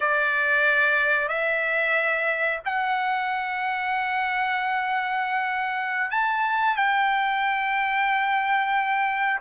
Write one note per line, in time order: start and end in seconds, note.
0.00 1.28 D5
1.28 2.60 E5
2.65 6.10 F#5
6.10 6.76 A5
6.76 9.40 G5